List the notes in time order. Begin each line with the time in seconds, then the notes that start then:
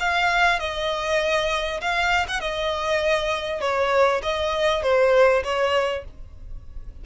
0.00 F5
0.59 D#5
1.81 F5
2.28 F#5
2.40 D#5
3.61 C#5
4.23 D#5
4.82 C5
5.44 C#5